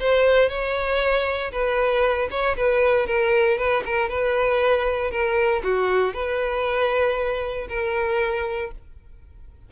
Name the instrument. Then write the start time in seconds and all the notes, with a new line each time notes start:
violin
0.00 C5
0.49 C#5
1.52 B4
2.31 C#5
2.57 B4
3.07 A#4
3.58 B4
3.86 A#4
4.09 B4
5.11 A#4
5.64 F#4
6.14 B4
7.69 A#4